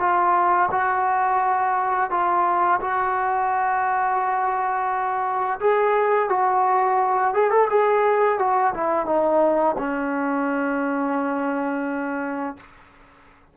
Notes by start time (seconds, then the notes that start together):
0.00 F4
0.72 F#4
2.11 F4
2.81 F#4
5.60 G#4
6.30 F#4
7.34 G#4
7.51 A4
7.71 G#4
8.39 F#4
8.75 E4
9.06 D#4
9.78 C#4